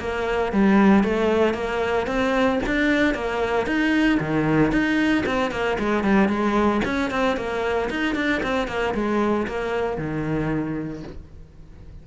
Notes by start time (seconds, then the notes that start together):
0.00 A#3
0.52 G3
1.04 A3
1.54 A#3
2.07 C4
2.67 D4
3.15 A#3
3.67 D#4
4.20 D#3
4.72 D#4
5.26 C4
5.51 A#3
5.79 G#3
6.04 G3
6.28 G#3
6.85 C#4
7.11 C4
7.37 A#3
7.90 D#4
8.16 D4
8.43 C4
8.68 A#3
8.94 G#3
9.47 A#3
9.98 D#3